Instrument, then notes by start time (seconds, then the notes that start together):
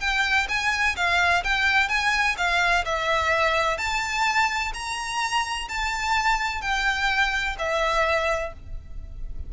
violin
0.00 G5
0.48 G#5
0.96 F5
1.43 G5
1.88 G#5
2.37 F5
2.85 E5
3.77 A5
4.74 A#5
5.68 A5
6.61 G5
7.58 E5